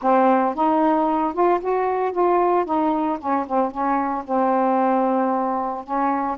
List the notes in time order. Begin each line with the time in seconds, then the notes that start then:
0.01 C4
0.54 D#4
1.33 F4
1.60 F#4
2.11 F4
2.65 D#4
3.19 C#4
3.46 C4
3.71 C#4
4.24 C4
5.84 C#4